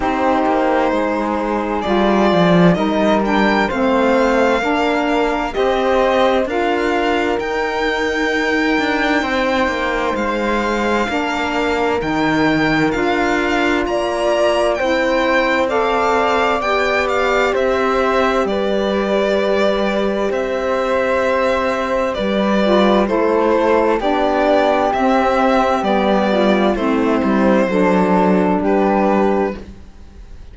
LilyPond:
<<
  \new Staff \with { instrumentName = "violin" } { \time 4/4 \tempo 4 = 65 c''2 d''4 dis''8 g''8 | f''2 dis''4 f''4 | g''2. f''4~ | f''4 g''4 f''4 ais''4 |
g''4 f''4 g''8 f''8 e''4 | d''2 e''2 | d''4 c''4 d''4 e''4 | d''4 c''2 b'4 | }
  \new Staff \with { instrumentName = "flute" } { \time 4/4 g'4 gis'2 ais'4 | c''4 ais'4 c''4 ais'4~ | ais'2 c''2 | ais'2. d''4 |
c''4 d''2 c''4 | b'2 c''2 | b'4 a'4 g'2~ | g'8 f'8 e'4 a'4 g'4 | }
  \new Staff \with { instrumentName = "saxophone" } { \time 4/4 dis'2 f'4 dis'8 d'8 | c'4 d'4 g'4 f'4 | dis'1 | d'4 dis'4 f'2 |
e'4 a'4 g'2~ | g'1~ | g'8 f'8 e'4 d'4 c'4 | b4 c'4 d'2 | }
  \new Staff \with { instrumentName = "cello" } { \time 4/4 c'8 ais8 gis4 g8 f8 g4 | a4 ais4 c'4 d'4 | dis'4. d'8 c'8 ais8 gis4 | ais4 dis4 d'4 ais4 |
c'2 b4 c'4 | g2 c'2 | g4 a4 b4 c'4 | g4 a8 g8 fis4 g4 | }
>>